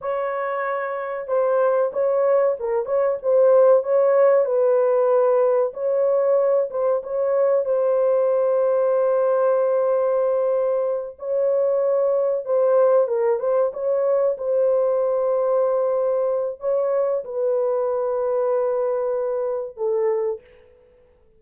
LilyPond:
\new Staff \with { instrumentName = "horn" } { \time 4/4 \tempo 4 = 94 cis''2 c''4 cis''4 | ais'8 cis''8 c''4 cis''4 b'4~ | b'4 cis''4. c''8 cis''4 | c''1~ |
c''4. cis''2 c''8~ | c''8 ais'8 c''8 cis''4 c''4.~ | c''2 cis''4 b'4~ | b'2. a'4 | }